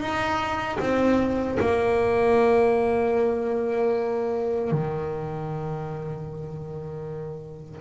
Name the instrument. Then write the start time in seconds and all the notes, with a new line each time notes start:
double bass
0.00 D#4
0.80 C4
1.60 A#3
4.71 D#3